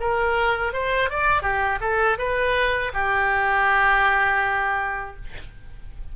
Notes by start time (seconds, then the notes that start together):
0.00 A#4
0.73 C5
1.10 D5
1.42 G4
1.81 A4
2.18 B4
2.94 G4